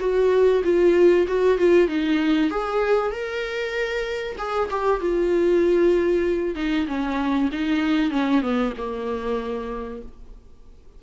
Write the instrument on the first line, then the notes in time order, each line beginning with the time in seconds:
viola
0.00 F#4
0.64 F4
1.28 F#4
1.58 F4
1.88 D#4
2.50 G#4
3.11 A#4
4.38 G#4
4.70 G4
5.00 F4
6.55 D#4
6.87 C#4
7.52 D#4
8.11 C#4
8.42 B3
8.77 A#3